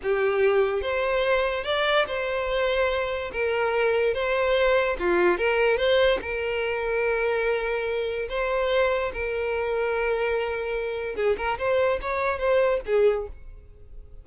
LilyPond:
\new Staff \with { instrumentName = "violin" } { \time 4/4 \tempo 4 = 145 g'2 c''2 | d''4 c''2. | ais'2 c''2 | f'4 ais'4 c''4 ais'4~ |
ais'1 | c''2 ais'2~ | ais'2. gis'8 ais'8 | c''4 cis''4 c''4 gis'4 | }